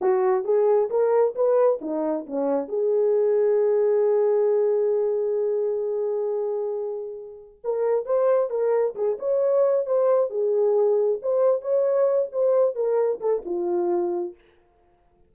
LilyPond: \new Staff \with { instrumentName = "horn" } { \time 4/4 \tempo 4 = 134 fis'4 gis'4 ais'4 b'4 | dis'4 cis'4 gis'2~ | gis'1~ | gis'1~ |
gis'4 ais'4 c''4 ais'4 | gis'8 cis''4. c''4 gis'4~ | gis'4 c''4 cis''4. c''8~ | c''8 ais'4 a'8 f'2 | }